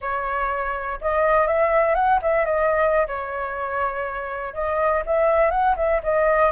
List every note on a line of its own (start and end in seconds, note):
0.01 0.99 C#5
1.01 1.46 D#5
1.46 1.94 E5
1.94 2.19 F#5
2.22 2.45 E5
2.45 3.06 D#5
3.07 4.54 C#5
4.54 5.03 D#5
5.05 5.50 E5
5.50 5.75 F#5
5.76 6.01 E5
6.03 6.51 D#5